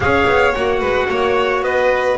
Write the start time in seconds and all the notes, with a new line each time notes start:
0.00 C#4 G#4 C#5 F5
0.26 B3
0.54 A#3 F#4 F#5
0.79 G#3 B4
1.09 A#3 C#5
1.61 B3 B4 D#5